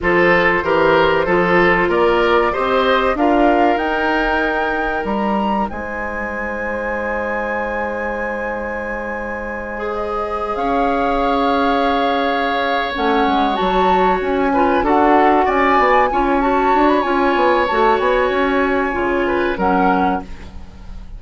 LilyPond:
<<
  \new Staff \with { instrumentName = "flute" } { \time 4/4 \tempo 4 = 95 c''2. d''4 | dis''4 f''4 g''2 | ais''4 gis''2.~ | gis''2.~ gis''8. dis''16~ |
dis''8. f''2.~ f''16~ | f''8 fis''4 a''4 gis''4 fis''8~ | fis''8 gis''4. a''8. b''16 gis''4 | a''8 gis''2~ gis''8 fis''4 | }
  \new Staff \with { instrumentName = "oboe" } { \time 4/4 a'4 ais'4 a'4 ais'4 | c''4 ais'2.~ | ais'4 c''2.~ | c''1~ |
c''8. cis''2.~ cis''16~ | cis''2. b'8 a'8~ | a'8 d''4 cis''2~ cis''8~ | cis''2~ cis''8 b'8 ais'4 | }
  \new Staff \with { instrumentName = "clarinet" } { \time 4/4 f'4 g'4 f'2 | g'4 f'4 dis'2~ | dis'1~ | dis'2.~ dis'8 gis'8~ |
gis'1~ | gis'8 cis'4 fis'4. f'8 fis'8~ | fis'4. f'8 fis'4 f'4 | fis'2 f'4 cis'4 | }
  \new Staff \with { instrumentName = "bassoon" } { \time 4/4 f4 e4 f4 ais4 | c'4 d'4 dis'2 | g4 gis2.~ | gis1~ |
gis8. cis'2.~ cis'16~ | cis'8 a8 gis8 fis4 cis'4 d'8~ | d'8 cis'8 b8 cis'4 d'8 cis'8 b8 | a8 b8 cis'4 cis4 fis4 | }
>>